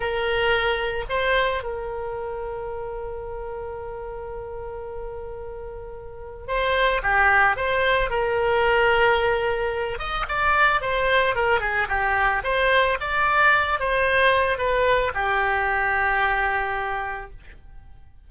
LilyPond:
\new Staff \with { instrumentName = "oboe" } { \time 4/4 \tempo 4 = 111 ais'2 c''4 ais'4~ | ais'1~ | ais'1 | c''4 g'4 c''4 ais'4~ |
ais'2~ ais'8 dis''8 d''4 | c''4 ais'8 gis'8 g'4 c''4 | d''4. c''4. b'4 | g'1 | }